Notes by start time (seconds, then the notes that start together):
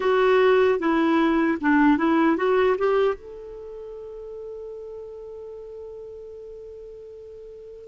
0.00 F#4
0.79 E4
1.60 D4
1.97 E4
2.36 F#4
2.78 G4
3.14 A4